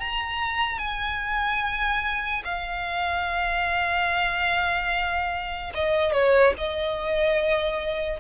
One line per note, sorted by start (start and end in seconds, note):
0.00 0.78 A#5
0.78 2.43 G#5
2.44 5.73 F5
5.75 6.13 D#5
6.13 6.54 C#5
6.58 8.20 D#5